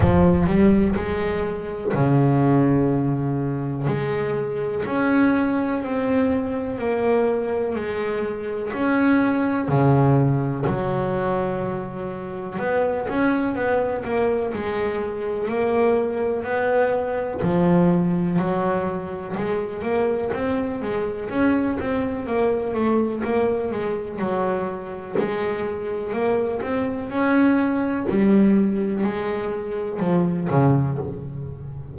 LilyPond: \new Staff \with { instrumentName = "double bass" } { \time 4/4 \tempo 4 = 62 f8 g8 gis4 cis2 | gis4 cis'4 c'4 ais4 | gis4 cis'4 cis4 fis4~ | fis4 b8 cis'8 b8 ais8 gis4 |
ais4 b4 f4 fis4 | gis8 ais8 c'8 gis8 cis'8 c'8 ais8 a8 | ais8 gis8 fis4 gis4 ais8 c'8 | cis'4 g4 gis4 f8 cis8 | }